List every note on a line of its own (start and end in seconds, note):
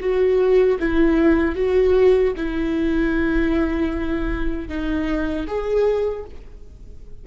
0.00 0.78 F#4
0.79 1.55 E4
1.55 2.33 F#4
2.37 4.69 E4
4.69 5.47 D#4
5.47 6.25 G#4